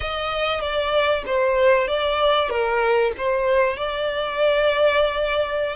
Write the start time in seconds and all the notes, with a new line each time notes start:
0.00 D#5
0.61 D5
1.26 C5
1.87 D5
2.49 A#4
3.17 C5
3.76 D5